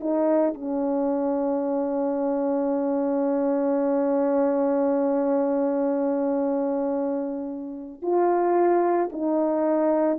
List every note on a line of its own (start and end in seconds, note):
0.00 0.54 D#4
0.54 8.02 C#4
8.02 9.09 F4
9.12 10.19 D#4